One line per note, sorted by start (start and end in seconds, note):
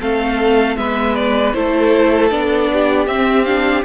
0.00 0.76 A3
0.00 0.77 C4
0.00 0.77 A4
0.00 0.77 F5
0.76 1.53 G#3
0.76 1.54 B3
0.76 1.56 B4
0.76 1.15 E5
1.15 1.52 D5
1.52 2.31 A3
1.52 2.30 E4
1.52 2.71 A4
1.52 2.29 C5
2.30 3.07 B3
2.30 3.07 D4
2.30 3.06 D5
2.72 3.84 G4
3.06 3.83 C4
3.06 3.45 C4
3.06 3.44 E5
3.44 3.84 D4
3.44 3.83 F5